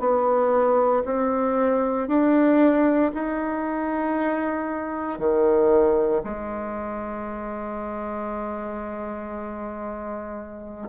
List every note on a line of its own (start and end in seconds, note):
0.00 1.03 B3
1.05 2.08 C4
2.08 3.12 D4
3.15 5.19 D#4
5.19 6.22 D#3
6.24 10.89 G#3